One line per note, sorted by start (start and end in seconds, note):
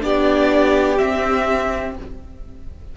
0.00 0.99 B3
0.00 0.97 D4
0.00 1.96 G4
0.00 0.98 D5
0.97 1.94 C4
0.97 1.96 C4
0.97 1.94 E5